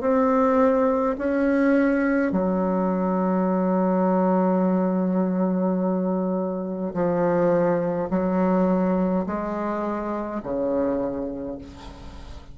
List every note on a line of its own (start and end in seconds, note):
0.00 1.15 C4
1.18 2.31 C#4
2.31 6.93 F#3
6.93 8.09 F3
8.10 9.25 F#3
9.26 10.41 G#3
10.43 11.58 C#3